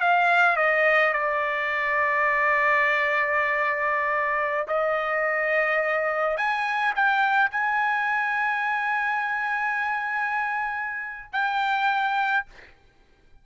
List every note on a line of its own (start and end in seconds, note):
0.00 0.56 F5
0.56 1.13 D#5
1.13 4.66 D5
4.67 6.37 D#5
6.37 6.93 G#5
6.95 7.50 G5
7.50 11.32 G#5
11.32 12.45 G5